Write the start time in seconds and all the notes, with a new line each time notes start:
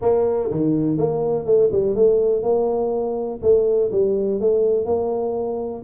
0.01 A#3
0.50 D#3
0.97 A#3
1.45 A3
1.72 G3
1.95 A3
2.43 A#3
3.42 A3
3.91 G3
4.40 A3
4.85 A#3